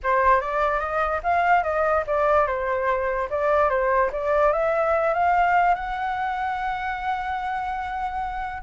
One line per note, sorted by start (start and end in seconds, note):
0.03 0.40 C5
0.40 0.79 D5
0.79 1.20 D#5
1.23 1.63 F5
1.63 2.04 D#5
2.06 2.46 D5
2.46 3.28 C5
3.30 3.69 D5
3.69 4.10 C5
4.12 4.52 D5
4.52 5.13 E5
5.13 5.74 F5
5.74 8.62 F#5